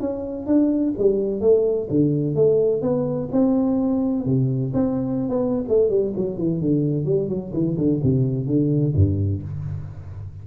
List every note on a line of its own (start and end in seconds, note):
0.00 0.47 C#4
0.47 0.94 D4
0.98 1.41 G3
1.41 1.88 A3
1.90 2.35 D3
2.35 2.82 A3
2.82 3.29 B3
3.32 4.25 C4
4.25 4.73 C3
4.74 5.29 C4
5.29 5.65 B3
5.69 5.90 A3
5.90 6.13 G3
6.16 6.38 F#3
6.38 6.61 E3
6.61 7.05 D3
7.05 7.29 G3
7.29 7.53 F#3
7.54 7.77 E3
7.78 8.01 D3
8.04 8.47 C3
8.47 8.94 D3
8.95 9.43 G2